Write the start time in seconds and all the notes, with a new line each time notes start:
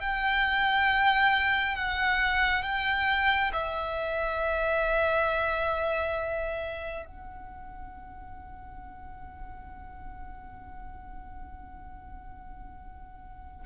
0.00 G5
1.75 F#5
2.63 G5
3.53 E5
7.06 F#5